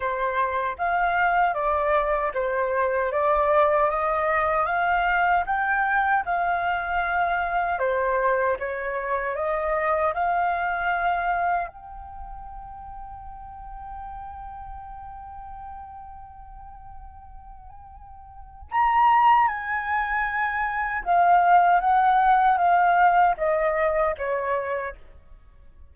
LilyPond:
\new Staff \with { instrumentName = "flute" } { \time 4/4 \tempo 4 = 77 c''4 f''4 d''4 c''4 | d''4 dis''4 f''4 g''4 | f''2 c''4 cis''4 | dis''4 f''2 g''4~ |
g''1~ | g''1 | ais''4 gis''2 f''4 | fis''4 f''4 dis''4 cis''4 | }